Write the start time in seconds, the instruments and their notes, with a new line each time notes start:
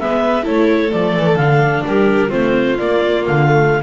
0.00 double bass G#3, viola B3, violin B4, clarinet E5
0.43 double bass A3, viola E4, violin A4, clarinet C#5
0.92 double bass F3, viola A3, clarinet D5
1.17 double bass E3
1.36 double bass D3, viola D4, clarinet F5
1.86 double bass G3, violin G4, clarinet A#4
2.30 double bass A3, viola C4, violin F4, clarinet C5
2.78 viola A#3, double bass A#3, clarinet D5
3.26 double bass D3, clarinet F5
3.47 viola A3